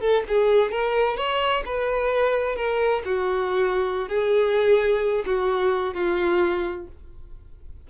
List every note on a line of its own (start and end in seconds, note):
0.00 0.23 A4
0.28 0.71 G#4
0.71 1.17 A#4
1.17 1.63 C#5
1.65 2.56 B4
2.56 3.02 A#4
3.05 4.08 F#4
4.08 5.25 G#4
5.26 5.94 F#4
5.94 6.87 F4